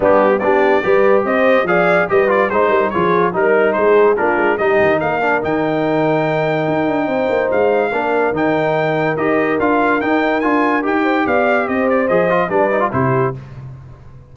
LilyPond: <<
  \new Staff \with { instrumentName = "trumpet" } { \time 4/4 \tempo 4 = 144 g'4 d''2 dis''4 | f''4 dis''8 d''8 c''4 cis''4 | ais'4 c''4 ais'4 dis''4 | f''4 g''2.~ |
g''2 f''2 | g''2 dis''4 f''4 | g''4 gis''4 g''4 f''4 | dis''8 d''8 dis''4 d''4 c''4 | }
  \new Staff \with { instrumentName = "horn" } { \time 4/4 d'4 g'4 b'4 c''4 | d''4 b'4 c''8 ais'8 gis'4 | ais'4 gis'4 f'4 g'4 | ais'1~ |
ais'4 c''2 ais'4~ | ais'1~ | ais'2~ ais'8 c''8 d''4 | c''2 b'4 g'4 | }
  \new Staff \with { instrumentName = "trombone" } { \time 4/4 b4 d'4 g'2 | gis'4 g'8 f'8 dis'4 f'4 | dis'2 d'4 dis'4~ | dis'8 d'8 dis'2.~ |
dis'2. d'4 | dis'2 g'4 f'4 | dis'4 f'4 g'2~ | g'4 gis'8 f'8 d'8 dis'16 f'16 e'4 | }
  \new Staff \with { instrumentName = "tuba" } { \time 4/4 g4 b4 g4 c'4 | f4 g4 gis8 g8 f4 | g4 gis4 ais8 gis8 g8 dis8 | ais4 dis2. |
dis'8 d'8 c'8 ais8 gis4 ais4 | dis2 dis'4 d'4 | dis'4 d'4 dis'4 b4 | c'4 f4 g4 c4 | }
>>